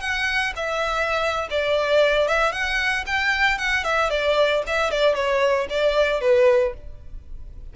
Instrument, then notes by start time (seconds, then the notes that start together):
violin
0.00 F#5
0.56 E5
1.50 D5
2.28 E5
2.51 F#5
3.06 G5
3.58 F#5
3.83 E5
4.10 D5
4.66 E5
4.90 D5
5.14 C#5
5.69 D5
6.21 B4